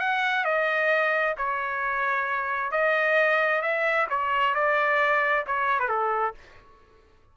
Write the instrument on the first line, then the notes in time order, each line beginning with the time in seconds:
trumpet
0.00 F#5
0.45 D#5
1.38 C#5
2.72 D#5
3.62 E5
4.10 C#5
4.55 D5
5.47 C#5
5.80 B4
5.89 A4